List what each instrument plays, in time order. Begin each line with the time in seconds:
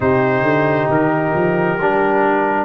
0.00 tuba C3, trombone D#4, horn G4, trumpet C5
0.42 tuba D3
0.89 tuba D#3, trumpet A#4
1.34 tuba F3
1.78 tuba G3, trombone D4